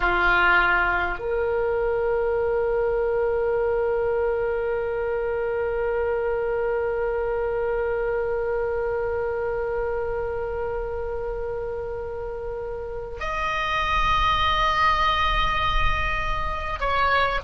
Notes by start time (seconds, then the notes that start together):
0.00 F4
1.18 A#4
13.20 D#5
16.80 C#5